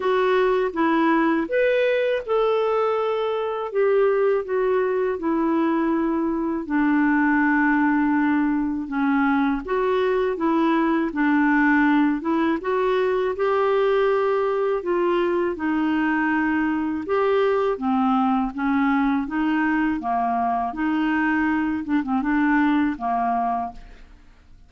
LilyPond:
\new Staff \with { instrumentName = "clarinet" } { \time 4/4 \tempo 4 = 81 fis'4 e'4 b'4 a'4~ | a'4 g'4 fis'4 e'4~ | e'4 d'2. | cis'4 fis'4 e'4 d'4~ |
d'8 e'8 fis'4 g'2 | f'4 dis'2 g'4 | c'4 cis'4 dis'4 ais4 | dis'4. d'16 c'16 d'4 ais4 | }